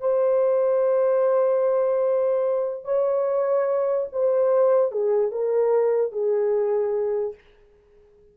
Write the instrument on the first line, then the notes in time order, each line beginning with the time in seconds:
horn
0.00 C5
2.84 C#5
4.12 C5
4.92 G#4
5.31 A#4
6.12 G#4